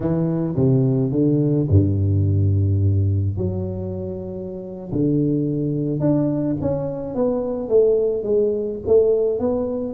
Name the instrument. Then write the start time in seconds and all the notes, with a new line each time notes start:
tuba
0.00 E3
0.56 C3
1.11 D3
1.69 G2
3.37 F#3
4.92 D3
5.99 D4
6.61 C#4
7.14 B3
7.68 A3
8.23 G#3
8.86 A3
9.39 B3